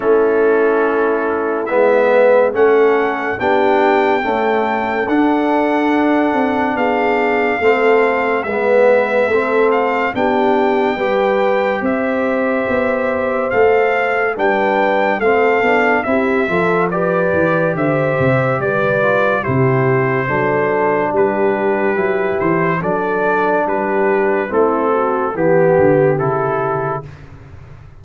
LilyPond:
<<
  \new Staff \with { instrumentName = "trumpet" } { \time 4/4 \tempo 4 = 71 a'2 e''4 fis''4 | g''2 fis''2 | f''2 e''4. f''8 | g''2 e''2 |
f''4 g''4 f''4 e''4 | d''4 e''4 d''4 c''4~ | c''4 b'4. c''8 d''4 | b'4 a'4 g'4 a'4 | }
  \new Staff \with { instrumentName = "horn" } { \time 4/4 e'2~ e'8 b'8 a'4 | g'4 a'2. | gis'4 a'4 b'4 a'4 | g'4 b'4 c''2~ |
c''4 b'4 a'4 g'8 a'8 | b'4 c''4 b'4 g'4 | a'4 g'2 a'4 | g'4 e'8 fis'8 g'2 | }
  \new Staff \with { instrumentName = "trombone" } { \time 4/4 cis'2 b4 cis'4 | d'4 a4 d'2~ | d'4 c'4 b4 c'4 | d'4 g'2. |
a'4 d'4 c'8 d'8 e'8 f'8 | g'2~ g'8 f'8 e'4 | d'2 e'4 d'4~ | d'4 c'4 b4 e'4 | }
  \new Staff \with { instrumentName = "tuba" } { \time 4/4 a2 gis4 a4 | b4 cis'4 d'4. c'8 | b4 a4 gis4 a4 | b4 g4 c'4 b4 |
a4 g4 a8 b8 c'8 f8~ | f8 e8 d8 c8 g4 c4 | fis4 g4 fis8 e8 fis4 | g4 a4 e8 d8 cis4 | }
>>